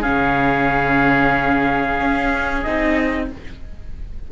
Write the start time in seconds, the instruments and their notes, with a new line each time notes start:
0.00 cello C#3, viola C#4, oboe G#4, trumpet F5
2.00 cello C#4
2.62 cello C4, viola D#4, trumpet D#5